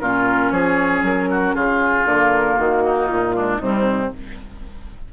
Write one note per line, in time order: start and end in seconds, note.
0.00 0.52 A#2
0.00 2.07 C#4
0.00 0.53 F4
0.00 0.51 A#4
0.51 1.03 F3
0.51 1.30 G#4
0.51 1.03 C#5
1.03 1.54 F#3
1.03 1.56 A#4
1.31 1.55 F#4
1.55 2.05 C#3
1.55 2.83 F4
1.55 2.07 G#4
2.05 2.57 D3
2.05 3.32 A#3
2.05 2.58 A#4
2.58 3.10 D#3
2.58 3.07 F#4
2.85 3.36 D#4
3.07 3.61 A#2
3.07 3.58 F4
3.32 3.58 G#3
3.32 3.62 D4
3.58 4.12 C3
3.58 4.13 G3
3.58 4.13 C4
3.58 4.09 D#4